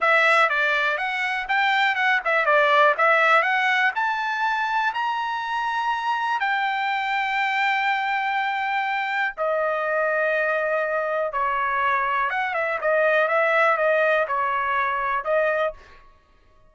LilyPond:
\new Staff \with { instrumentName = "trumpet" } { \time 4/4 \tempo 4 = 122 e''4 d''4 fis''4 g''4 | fis''8 e''8 d''4 e''4 fis''4 | a''2 ais''2~ | ais''4 g''2.~ |
g''2. dis''4~ | dis''2. cis''4~ | cis''4 fis''8 e''8 dis''4 e''4 | dis''4 cis''2 dis''4 | }